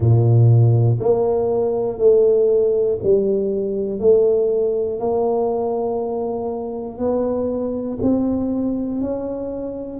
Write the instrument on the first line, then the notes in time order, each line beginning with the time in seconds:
tuba
0.00 A#2
1.00 A#3
1.98 A3
3.03 G3
3.99 A3
5.00 A#3
6.98 B3
8.01 C4
9.01 C#4